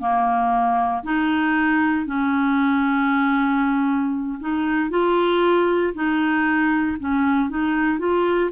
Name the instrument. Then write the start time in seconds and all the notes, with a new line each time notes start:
clarinet
0.00 A#3
1.03 D#4
2.06 C#4
4.41 D#4
4.90 F4
5.94 D#4
7.00 C#4
7.50 D#4
7.99 F4